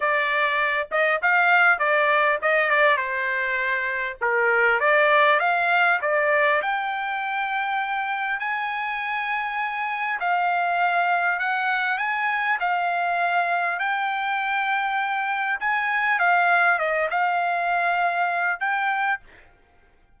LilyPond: \new Staff \with { instrumentName = "trumpet" } { \time 4/4 \tempo 4 = 100 d''4. dis''8 f''4 d''4 | dis''8 d''8 c''2 ais'4 | d''4 f''4 d''4 g''4~ | g''2 gis''2~ |
gis''4 f''2 fis''4 | gis''4 f''2 g''4~ | g''2 gis''4 f''4 | dis''8 f''2~ f''8 g''4 | }